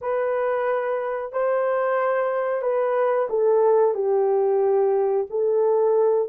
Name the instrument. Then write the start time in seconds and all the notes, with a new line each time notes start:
horn
0.01 B4
1.32 C5
2.62 B4
3.29 A4
3.94 G4
5.30 A4